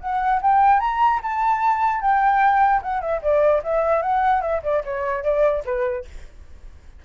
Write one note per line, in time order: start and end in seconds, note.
0.00 0.40 F#5
0.41 0.80 G5
0.80 1.20 A#5
1.22 2.01 A5
2.01 2.81 G5
2.82 3.01 F#5
3.01 3.21 E5
3.22 3.62 D5
3.63 4.02 E5
4.02 4.41 F#5
4.41 4.61 E5
4.63 4.83 D5
4.84 5.23 C#5
5.23 5.63 D5
5.64 6.05 B4